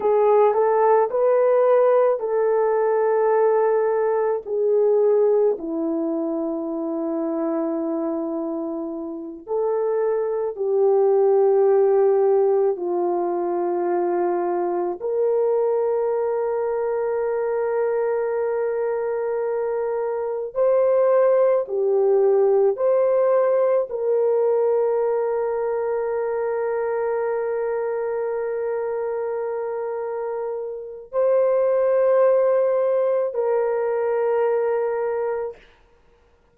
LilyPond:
\new Staff \with { instrumentName = "horn" } { \time 4/4 \tempo 4 = 54 gis'8 a'8 b'4 a'2 | gis'4 e'2.~ | e'8 a'4 g'2 f'8~ | f'4. ais'2~ ais'8~ |
ais'2~ ais'8 c''4 g'8~ | g'8 c''4 ais'2~ ais'8~ | ais'1 | c''2 ais'2 | }